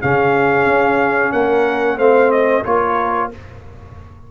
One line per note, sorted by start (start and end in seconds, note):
0.00 0.66 C#3
0.00 1.99 C#4
0.00 1.32 G#4
0.00 1.32 F5
0.66 1.32 C#4
1.32 1.97 A#3
1.32 1.97 A#4
1.32 1.98 F#5
1.97 2.63 A3
1.97 2.65 C4
1.97 2.63 C5
1.97 2.31 F5
2.31 2.64 D#5
2.64 3.31 A#3
2.64 3.31 F4
2.64 3.30 A#4
2.64 3.31 C#5